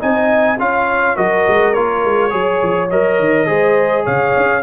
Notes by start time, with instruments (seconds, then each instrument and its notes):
0.00 tuba C4, trombone D#4, horn D#5, trumpet G#5
0.59 tuba C#4, trombone F4, horn C#5, trumpet F5
1.17 tuba F#3, trombone F#4, horn A#4, trumpet D#5
1.48 tuba G#3
1.75 tuba A#3, trombone F4, trumpet C#5
2.05 tuba G#3
2.31 tuba F#3, trombone G#4, horn C#5
2.63 tuba F3
2.91 tuba F#3, trombone A#4, trumpet D#5
3.19 tuba D#3
3.47 tuba G#3, trombone G#4, horn C5
4.05 tuba C#3, horn C#5, trumpet F5
4.37 tuba C#4